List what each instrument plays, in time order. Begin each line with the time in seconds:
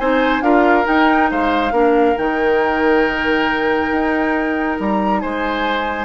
0.00 bassoon C4, clarinet D#4, oboe C5, flute G#5
0.42 bassoon D4, clarinet F4, oboe A#4, flute F5
0.84 clarinet D#4, bassoon D#4, flute G5
1.31 bassoon G#3, oboe C5, flute F5
1.72 bassoon A#3, clarinet D4, oboe A#4
2.16 bassoon D#3, clarinet D#4, flute G5
3.92 bassoon D#4
4.80 bassoon G3, flute A#5
5.21 bassoon G#3, oboe C5, flute G#5